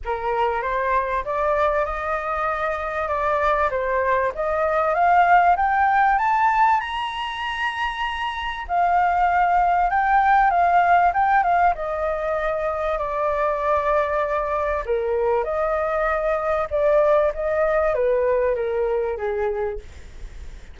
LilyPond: \new Staff \with { instrumentName = "flute" } { \time 4/4 \tempo 4 = 97 ais'4 c''4 d''4 dis''4~ | dis''4 d''4 c''4 dis''4 | f''4 g''4 a''4 ais''4~ | ais''2 f''2 |
g''4 f''4 g''8 f''8 dis''4~ | dis''4 d''2. | ais'4 dis''2 d''4 | dis''4 b'4 ais'4 gis'4 | }